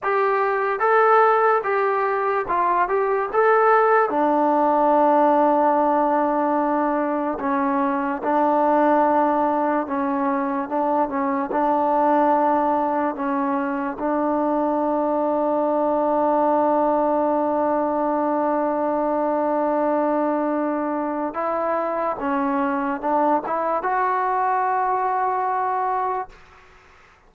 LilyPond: \new Staff \with { instrumentName = "trombone" } { \time 4/4 \tempo 4 = 73 g'4 a'4 g'4 f'8 g'8 | a'4 d'2.~ | d'4 cis'4 d'2 | cis'4 d'8 cis'8 d'2 |
cis'4 d'2.~ | d'1~ | d'2 e'4 cis'4 | d'8 e'8 fis'2. | }